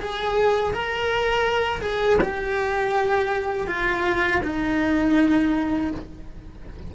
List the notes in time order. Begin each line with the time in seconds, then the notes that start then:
0.00 G#4
0.73 A#4
1.82 G#4
2.21 G4
3.67 F4
4.43 D#4